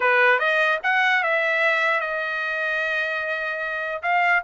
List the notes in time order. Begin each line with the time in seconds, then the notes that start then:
0.00 B4
0.39 D#5
0.83 F#5
1.23 E5
2.00 D#5
4.02 F5